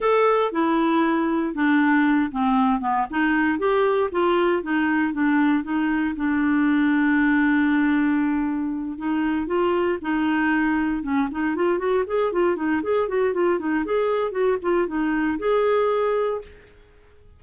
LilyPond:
\new Staff \with { instrumentName = "clarinet" } { \time 4/4 \tempo 4 = 117 a'4 e'2 d'4~ | d'8 c'4 b8 dis'4 g'4 | f'4 dis'4 d'4 dis'4 | d'1~ |
d'4. dis'4 f'4 dis'8~ | dis'4. cis'8 dis'8 f'8 fis'8 gis'8 | f'8 dis'8 gis'8 fis'8 f'8 dis'8 gis'4 | fis'8 f'8 dis'4 gis'2 | }